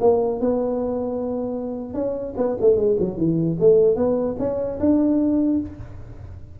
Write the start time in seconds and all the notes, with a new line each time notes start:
0.00 A#3
0.40 B3
1.94 C#4
2.37 B3
2.60 A3
2.76 G#3
2.99 F#3
3.17 E3
3.59 A3
3.96 B3
4.39 C#4
4.80 D4